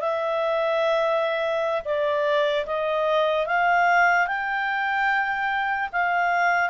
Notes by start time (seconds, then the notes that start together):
0.00 E5
1.85 D5
2.66 D#5
3.46 F5
4.27 G5
5.92 F5